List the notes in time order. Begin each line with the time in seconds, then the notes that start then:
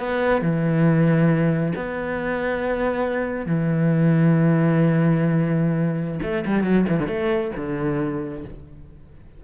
0.00 B3
0.42 E3
1.76 B3
3.46 E3
6.23 A3
6.46 G3
6.64 F#3
6.89 E3
7.00 D3
7.08 A3
7.57 D3